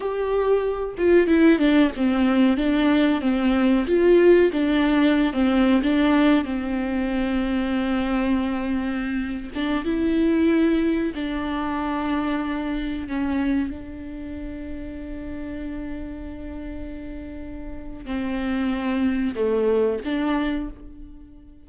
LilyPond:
\new Staff \with { instrumentName = "viola" } { \time 4/4 \tempo 4 = 93 g'4. f'8 e'8 d'8 c'4 | d'4 c'4 f'4 d'4~ | d'16 c'8. d'4 c'2~ | c'2~ c'8. d'8 e'8.~ |
e'4~ e'16 d'2~ d'8.~ | d'16 cis'4 d'2~ d'8.~ | d'1 | c'2 a4 d'4 | }